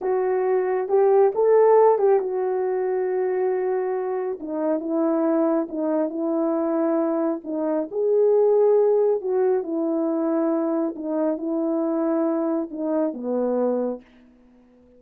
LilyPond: \new Staff \with { instrumentName = "horn" } { \time 4/4 \tempo 4 = 137 fis'2 g'4 a'4~ | a'8 g'8 fis'2.~ | fis'2 dis'4 e'4~ | e'4 dis'4 e'2~ |
e'4 dis'4 gis'2~ | gis'4 fis'4 e'2~ | e'4 dis'4 e'2~ | e'4 dis'4 b2 | }